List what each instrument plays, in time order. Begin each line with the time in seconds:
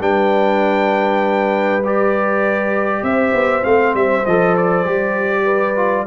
0.00 tuba G3, trombone D4, horn B4, trumpet G5
1.85 trombone G4, trumpet D5
3.03 tuba C4, horn C5, trumpet E5
3.34 tuba B3
3.63 tuba A3, trombone C4, trumpet F5
3.94 tuba G3, trumpet E5
4.26 tuba F3, trombone A4, trumpet D#5
4.57 trumpet D5
4.85 tuba G3, trombone G4
5.45 horn B4
5.76 trombone F4